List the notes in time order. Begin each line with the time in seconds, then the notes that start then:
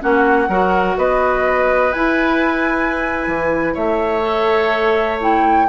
0.00 A#3 C#4 F#4 F#5
0.48 F#3 F#4 A#4
0.97 B3 B4 D#5
1.93 E4 G#5
3.28 E3
3.74 A3 C#5 E5
4.22 A4
5.20 E4 G5